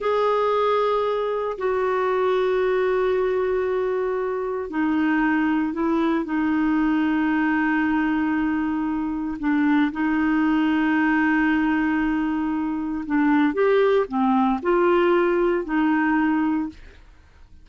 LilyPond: \new Staff \with { instrumentName = "clarinet" } { \time 4/4 \tempo 4 = 115 gis'2. fis'4~ | fis'1~ | fis'4 dis'2 e'4 | dis'1~ |
dis'2 d'4 dis'4~ | dis'1~ | dis'4 d'4 g'4 c'4 | f'2 dis'2 | }